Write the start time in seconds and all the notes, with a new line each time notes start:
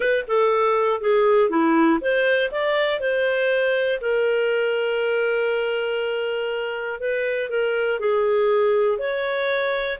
0.00 B4
0.27 A4
1.00 G#4
1.49 E4
2.00 C5
2.51 D5
3.00 C5
4.00 A#4
7.00 B4
7.49 A#4
7.99 G#4
8.98 C#5